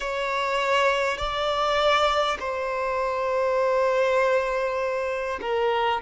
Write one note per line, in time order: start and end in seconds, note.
0.00 1.17 C#5
1.17 2.37 D5
2.39 5.39 C5
5.41 6.01 A#4